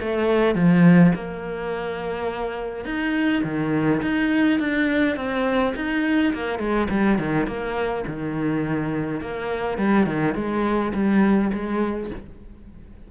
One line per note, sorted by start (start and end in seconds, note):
0.00 0.55 A3
0.55 1.12 F3
1.15 2.85 A#3
2.85 3.42 D#4
3.43 4.01 D#3
4.01 4.59 D#4
4.59 5.16 D4
5.16 5.73 C4
5.75 6.33 D#4
6.33 6.59 A#3
6.59 6.88 G#3
6.90 7.18 G3
7.18 7.47 D#3
7.47 8.04 A#3
8.07 9.21 D#3
9.21 9.77 A#3
9.77 10.06 G3
10.06 10.35 D#3
10.35 10.92 G#3
10.94 11.51 G3
11.53 12.10 G#3